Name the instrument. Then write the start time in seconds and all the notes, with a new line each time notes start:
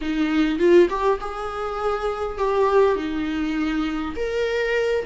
viola
0.01 D#4
0.58 F4
0.89 G4
1.20 G#4
2.38 G4
2.95 D#4
4.16 A#4